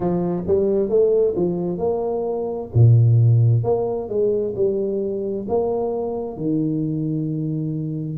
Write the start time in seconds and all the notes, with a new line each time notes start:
0.00 F3
0.47 G3
0.88 A3
1.36 F3
1.78 A#3
2.74 A#2
3.63 A#3
4.08 G#3
4.55 G3
5.48 A#3
6.36 D#3